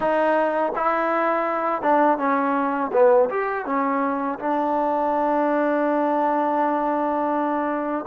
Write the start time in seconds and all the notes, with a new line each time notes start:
0.00 D#4
0.75 E4
1.82 D4
2.18 C#4
2.92 B3
3.29 G4
3.65 C#4
4.39 D4